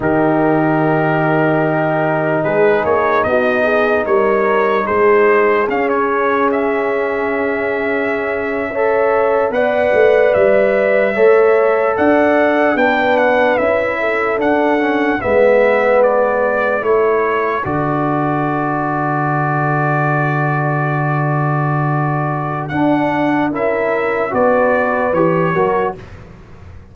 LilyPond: <<
  \new Staff \with { instrumentName = "trumpet" } { \time 4/4 \tempo 4 = 74 ais'2. b'8 cis''8 | dis''4 cis''4 c''4 f''16 cis''8. | e''2.~ e''8. fis''16~ | fis''8. e''2 fis''4 g''16~ |
g''16 fis''8 e''4 fis''4 e''4 d''16~ | d''8. cis''4 d''2~ d''16~ | d''1 | fis''4 e''4 d''4 cis''4 | }
  \new Staff \with { instrumentName = "horn" } { \time 4/4 g'2. gis'4 | fis'8 gis'8 ais'4 gis'2~ | gis'2~ gis'8. cis''4 d''16~ | d''4.~ d''16 cis''4 d''4 b'16~ |
b'4~ b'16 a'4. b'4~ b'16~ | b'8. a'2.~ a'16~ | a'1~ | a'4 ais'4 b'4. ais'8 | }
  \new Staff \with { instrumentName = "trombone" } { \time 4/4 dis'1~ | dis'2. cis'4~ | cis'2~ cis'8. a'4 b'16~ | b'4.~ b'16 a'2 d'16~ |
d'8. e'4 d'8 cis'8 b4~ b16~ | b8. e'4 fis'2~ fis'16~ | fis'1 | d'4 e'4 fis'4 g'8 fis'8 | }
  \new Staff \with { instrumentName = "tuba" } { \time 4/4 dis2. gis8 ais8 | b4 g4 gis4 cis'4~ | cis'2.~ cis'8. b16~ | b16 a8 g4 a4 d'4 b16~ |
b8. cis'4 d'4 gis4~ gis16~ | gis8. a4 d2~ d16~ | d1 | d'4 cis'4 b4 e8 fis8 | }
>>